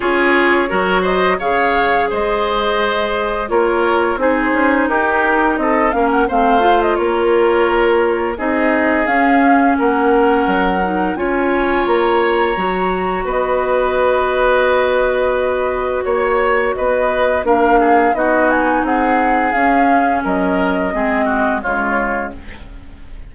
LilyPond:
<<
  \new Staff \with { instrumentName = "flute" } { \time 4/4 \tempo 4 = 86 cis''4. dis''8 f''4 dis''4~ | dis''4 cis''4 c''4 ais'4 | dis''8 f''16 fis''16 f''8. dis''16 cis''2 | dis''4 f''4 fis''2 |
gis''4 ais''2 dis''4~ | dis''2. cis''4 | dis''4 f''4 dis''8 gis''8 fis''4 | f''4 dis''2 cis''4 | }
  \new Staff \with { instrumentName = "oboe" } { \time 4/4 gis'4 ais'8 c''8 cis''4 c''4~ | c''4 ais'4 gis'4 g'4 | a'8 ais'8 c''4 ais'2 | gis'2 ais'2 |
cis''2. b'4~ | b'2. cis''4 | b'4 ais'8 gis'8 fis'4 gis'4~ | gis'4 ais'4 gis'8 fis'8 f'4 | }
  \new Staff \with { instrumentName = "clarinet" } { \time 4/4 f'4 fis'4 gis'2~ | gis'4 f'4 dis'2~ | dis'8 cis'8 c'8 f'2~ f'8 | dis'4 cis'2~ cis'8 dis'8 |
f'2 fis'2~ | fis'1~ | fis'4 d'4 dis'2 | cis'2 c'4 gis4 | }
  \new Staff \with { instrumentName = "bassoon" } { \time 4/4 cis'4 fis4 cis4 gis4~ | gis4 ais4 c'8 cis'8 dis'4 | c'8 ais8 a4 ais2 | c'4 cis'4 ais4 fis4 |
cis'4 ais4 fis4 b4~ | b2. ais4 | b4 ais4 b4 c'4 | cis'4 fis4 gis4 cis4 | }
>>